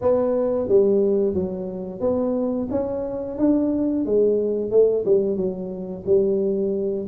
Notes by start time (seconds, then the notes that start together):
0.01 B3
0.68 G3
1.33 F#3
2.00 B3
2.70 C#4
3.38 D4
4.05 G#3
4.70 A3
5.05 G3
5.36 F#3
6.06 G3